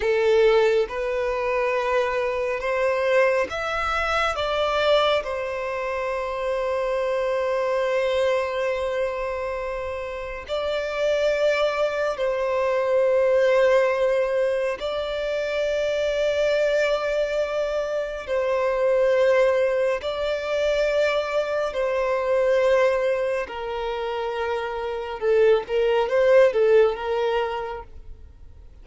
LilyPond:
\new Staff \with { instrumentName = "violin" } { \time 4/4 \tempo 4 = 69 a'4 b'2 c''4 | e''4 d''4 c''2~ | c''1 | d''2 c''2~ |
c''4 d''2.~ | d''4 c''2 d''4~ | d''4 c''2 ais'4~ | ais'4 a'8 ais'8 c''8 a'8 ais'4 | }